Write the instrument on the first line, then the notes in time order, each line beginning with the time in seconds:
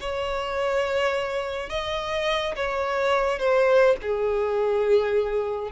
violin
0.00 C#5
1.69 D#5
2.56 C#5
3.39 C5
4.02 G#4